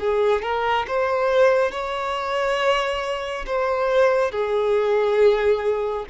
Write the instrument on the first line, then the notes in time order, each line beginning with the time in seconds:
violin
0.00 G#4
0.42 A#4
0.88 C5
1.72 C#5
3.47 C5
4.32 G#4